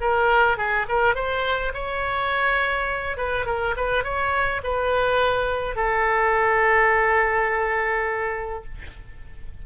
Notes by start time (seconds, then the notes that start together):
0.00 A#4
0.57 G#4
0.88 A#4
1.15 C5
1.73 C#5
3.17 B4
3.46 A#4
3.76 B4
4.03 C#5
4.63 B4
5.75 A4